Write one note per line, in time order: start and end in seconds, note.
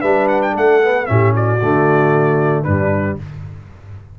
0.00 0.55 G3
0.00 0.82 D4
0.00 0.53 B4
0.00 0.27 E5
0.28 0.41 F#5
0.42 0.55 G5
0.53 1.08 A3
0.53 1.06 A4
0.53 1.06 F#5
0.82 1.07 B3
1.06 1.62 A2
1.06 1.59 C#4
1.06 1.34 G4
1.06 1.33 E5
1.34 2.63 F#4
1.34 2.64 D5
1.62 2.67 D3
1.62 2.66 A3
2.63 3.19 G2
2.63 3.19 G3
2.63 3.16 D4
2.63 3.16 B4